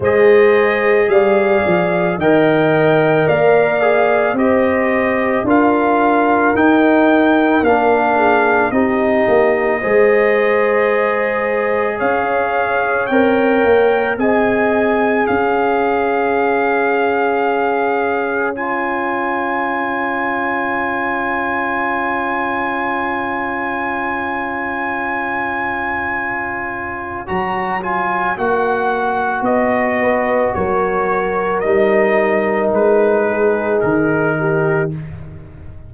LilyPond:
<<
  \new Staff \with { instrumentName = "trumpet" } { \time 4/4 \tempo 4 = 55 dis''4 f''4 g''4 f''4 | dis''4 f''4 g''4 f''4 | dis''2. f''4 | g''4 gis''4 f''2~ |
f''4 gis''2.~ | gis''1~ | gis''4 ais''8 gis''8 fis''4 dis''4 | cis''4 dis''4 b'4 ais'4 | }
  \new Staff \with { instrumentName = "horn" } { \time 4/4 c''4 d''4 dis''4 d''4 | c''4 ais'2~ ais'8 gis'8 | g'4 c''2 cis''4~ | cis''4 dis''4 cis''2~ |
cis''1~ | cis''1~ | cis''2.~ cis''8 b'8 | ais'2~ ais'8 gis'4 g'8 | }
  \new Staff \with { instrumentName = "trombone" } { \time 4/4 gis'2 ais'4. gis'8 | g'4 f'4 dis'4 d'4 | dis'4 gis'2. | ais'4 gis'2.~ |
gis'4 f'2.~ | f'1~ | f'4 fis'8 f'8 fis'2~ | fis'4 dis'2. | }
  \new Staff \with { instrumentName = "tuba" } { \time 4/4 gis4 g8 f8 dis4 ais4 | c'4 d'4 dis'4 ais4 | c'8 ais8 gis2 cis'4 | c'8 ais8 c'4 cis'2~ |
cis'1~ | cis'1~ | cis'4 fis4 ais4 b4 | fis4 g4 gis4 dis4 | }
>>